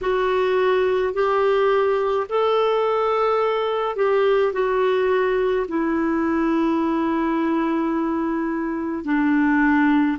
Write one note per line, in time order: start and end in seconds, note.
0.01 1.13 F#4
1.13 2.26 G4
2.29 3.96 A4
3.96 4.52 G4
4.53 5.66 F#4
5.68 9.04 E4
9.04 10.17 D4